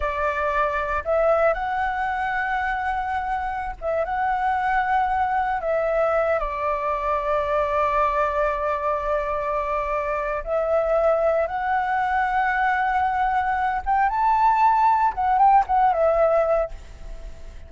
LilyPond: \new Staff \with { instrumentName = "flute" } { \time 4/4 \tempo 4 = 115 d''2 e''4 fis''4~ | fis''2.~ fis''16 e''8 fis''16~ | fis''2~ fis''8. e''4~ e''16~ | e''16 d''2.~ d''8.~ |
d''1 | e''2 fis''2~ | fis''2~ fis''8 g''8 a''4~ | a''4 fis''8 g''8 fis''8 e''4. | }